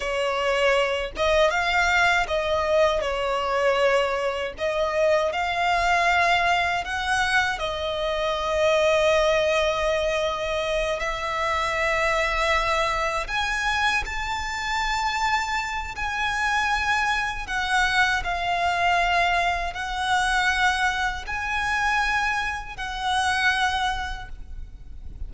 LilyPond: \new Staff \with { instrumentName = "violin" } { \time 4/4 \tempo 4 = 79 cis''4. dis''8 f''4 dis''4 | cis''2 dis''4 f''4~ | f''4 fis''4 dis''2~ | dis''2~ dis''8 e''4.~ |
e''4. gis''4 a''4.~ | a''4 gis''2 fis''4 | f''2 fis''2 | gis''2 fis''2 | }